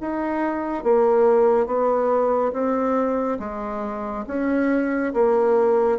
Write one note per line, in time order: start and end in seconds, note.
0.00 0.84 D#4
0.84 1.66 A#3
1.66 2.52 B3
2.52 3.38 C4
3.39 4.25 G#3
4.27 5.13 C#4
5.14 5.98 A#3